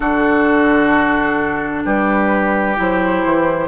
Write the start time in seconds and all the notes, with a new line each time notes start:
0.00 D3 D4 F#4 A4
1.85 G3 G4 B4
2.76 F#3 E4 C5
3.24 E3